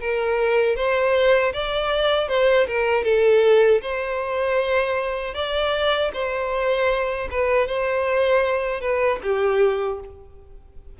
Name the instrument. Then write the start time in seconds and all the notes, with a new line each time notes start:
violin
0.00 A#4
0.76 C5
1.53 D5
2.28 C5
2.67 A#4
3.04 A4
3.81 C5
5.34 D5
6.13 C5
7.30 B4
7.67 C5
8.80 B4
9.22 G4